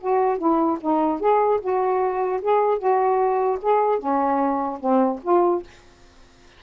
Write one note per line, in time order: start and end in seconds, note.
0.00 0.37 F#4
0.37 0.77 E4
0.81 1.20 D#4
1.20 1.60 G#4
1.60 2.40 F#4
2.41 2.78 G#4
2.78 3.58 F#4
3.62 3.99 G#4
3.99 4.79 C#4
4.80 5.20 C4
5.23 5.63 F4